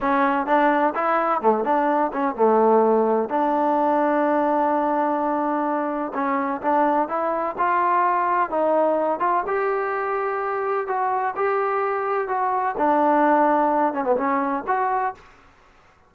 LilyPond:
\new Staff \with { instrumentName = "trombone" } { \time 4/4 \tempo 4 = 127 cis'4 d'4 e'4 a8 d'8~ | d'8 cis'8 a2 d'4~ | d'1~ | d'4 cis'4 d'4 e'4 |
f'2 dis'4. f'8 | g'2. fis'4 | g'2 fis'4 d'4~ | d'4. cis'16 b16 cis'4 fis'4 | }